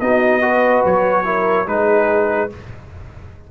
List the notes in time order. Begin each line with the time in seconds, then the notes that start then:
0.00 B3 D#4 F#4 D#5
0.41 F#4 B4
0.84 F#3 C#5
1.24 E4 A#4
1.66 G#3 D#4 G#4 B4